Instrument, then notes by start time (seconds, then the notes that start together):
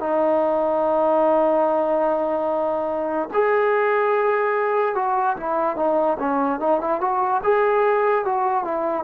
trombone
0.00 D#4
3.34 G#4
4.96 F#4
5.37 E4
5.77 D#4
6.20 C#4
6.61 D#4
6.81 E4
7.01 F#4
7.44 G#4
8.26 F#4
8.65 E4